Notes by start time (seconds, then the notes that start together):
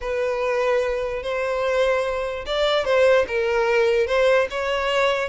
0.00 B4
1.22 C5
2.46 D5
2.84 C5
3.27 A#4
4.06 C5
4.50 C#5